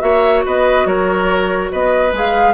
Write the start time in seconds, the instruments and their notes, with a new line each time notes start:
0.00 bassoon A#3, clarinet F#4, oboe C#5, flute E5
0.45 bassoon B3, oboe B4, flute D#5
0.85 bassoon F#3, oboe A#4, flute C#5
1.72 bassoon B3, oboe B4, flute D#5
2.13 bassoon G#3, clarinet G#4, flute F5